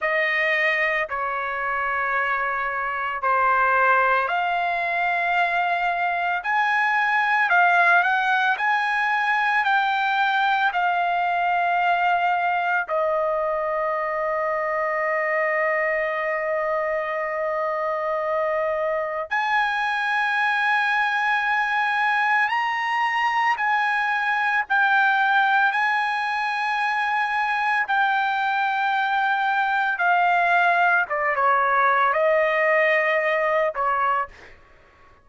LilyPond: \new Staff \with { instrumentName = "trumpet" } { \time 4/4 \tempo 4 = 56 dis''4 cis''2 c''4 | f''2 gis''4 f''8 fis''8 | gis''4 g''4 f''2 | dis''1~ |
dis''2 gis''2~ | gis''4 ais''4 gis''4 g''4 | gis''2 g''2 | f''4 d''16 cis''8. dis''4. cis''8 | }